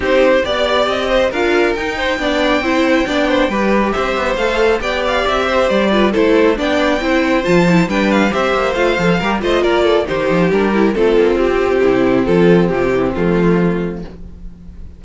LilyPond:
<<
  \new Staff \with { instrumentName = "violin" } { \time 4/4 \tempo 4 = 137 c''4 d''4 dis''4 f''4 | g''1~ | g''4 e''4 f''4 g''8 f''8 | e''4 d''4 c''4 g''4~ |
g''4 a''4 g''8 f''8 e''4 | f''4. dis''8 d''4 c''4 | ais'4 a'4 g'2 | a'4 g'4 f'2 | }
  \new Staff \with { instrumentName = "violin" } { \time 4/4 g'4 d''4. c''8 ais'4~ | ais'8 c''8 d''4 c''4 d''8 c''8 | b'4 c''2 d''4~ | d''8 c''4 b'8 a'4 d''4 |
c''2 b'4 c''4~ | c''4 ais'8 c''8 ais'8 a'8 g'4~ | g'4 c'2.~ | c'1 | }
  \new Staff \with { instrumentName = "viola" } { \time 4/4 dis'4 g'2 f'4 | dis'4 d'4 e'4 d'4 | g'2 a'4 g'4~ | g'4. f'8 e'4 d'4 |
e'4 f'8 e'8 d'4 g'4 | f'8 a'8 g'8 f'4. dis'4 | d'8 e'8 f'2 e'4 | f'4 f8 e8 a2 | }
  \new Staff \with { instrumentName = "cello" } { \time 4/4 c'4 b4 c'4 d'4 | dis'4 b4 c'4 b4 | g4 c'8 b8 a4 b4 | c'4 g4 a4 b4 |
c'4 f4 g4 c'8 ais8 | a8 f8 g8 a8 ais4 dis8 f8 | g4 a8 ais8 c'4 c4 | f4 c4 f2 | }
>>